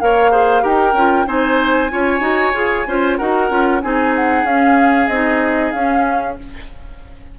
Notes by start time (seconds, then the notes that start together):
0.00 A#3 A#4 C#5 F5
0.31 G#4 C5
0.61 D#4 G4 A#4 G5
0.93 C#4 F4
1.25 C4 D#4 C5 G#5
1.90 C#4 F4 C#5
2.20 D#4 F#4
2.53 F4 G#4
2.87 C#4 F4 C5
3.16 D#4 F#4 A#4 F#5
3.49 C#4 F4
3.82 C4 D#4 G#4 G#5
4.15 F#5
4.43 C#4 F5
5.08 C4 D#4 D#5
5.71 C#4 F5